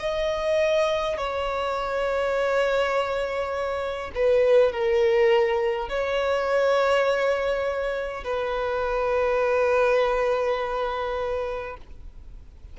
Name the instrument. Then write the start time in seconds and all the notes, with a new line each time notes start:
violin
0.00 D#5
1.18 C#5
4.16 B4
4.72 A#4
5.89 C#5
8.25 B4